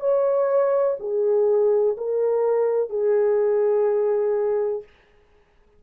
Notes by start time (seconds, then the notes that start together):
0.00 C#5
1.00 G#4
1.98 A#4
2.89 G#4